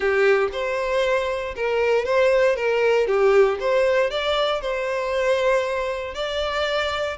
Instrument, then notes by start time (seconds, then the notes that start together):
violin
0.00 G4
0.52 C5
1.55 A#4
2.05 C5
2.55 A#4
3.07 G4
3.60 C5
4.10 D5
4.61 C5
6.14 D5